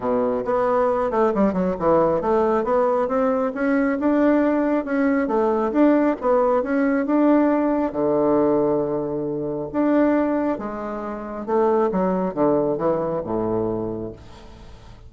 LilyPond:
\new Staff \with { instrumentName = "bassoon" } { \time 4/4 \tempo 4 = 136 b,4 b4. a8 g8 fis8 | e4 a4 b4 c'4 | cis'4 d'2 cis'4 | a4 d'4 b4 cis'4 |
d'2 d2~ | d2 d'2 | gis2 a4 fis4 | d4 e4 a,2 | }